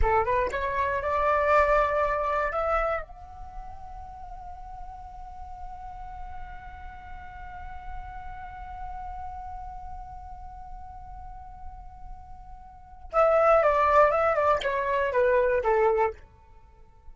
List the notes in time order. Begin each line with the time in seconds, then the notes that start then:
0.02 A4
0.24 B4
0.51 C#5
1.02 D5
2.51 E5
3.01 F#5
13.12 E5
13.62 D5
14.11 E5
14.35 D5
14.62 C#5
15.12 B4
15.63 A4